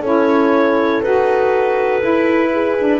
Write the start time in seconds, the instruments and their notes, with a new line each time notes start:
0.00 double bass C#4, saxophone E4, horn A4, clarinet C#5
1.02 double bass D#4, saxophone F#4, clarinet B4
2.00 saxophone E4, double bass E4
2.52 horn G#4
2.79 saxophone D4